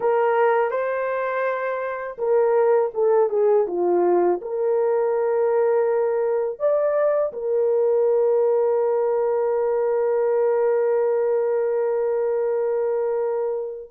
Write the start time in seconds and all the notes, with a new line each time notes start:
0.00 A#4
0.71 C5
2.18 A#4
2.94 A4
3.29 G#4
3.67 F4
4.41 A#4
6.59 D5
7.32 A#4